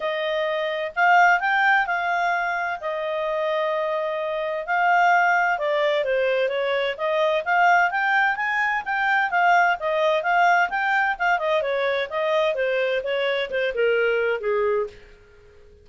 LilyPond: \new Staff \with { instrumentName = "clarinet" } { \time 4/4 \tempo 4 = 129 dis''2 f''4 g''4 | f''2 dis''2~ | dis''2 f''2 | d''4 c''4 cis''4 dis''4 |
f''4 g''4 gis''4 g''4 | f''4 dis''4 f''4 g''4 | f''8 dis''8 cis''4 dis''4 c''4 | cis''4 c''8 ais'4. gis'4 | }